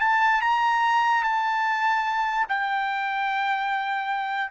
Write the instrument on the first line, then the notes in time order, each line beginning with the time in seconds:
trumpet
0.00 A5
0.41 A#5
1.23 A5
2.48 G5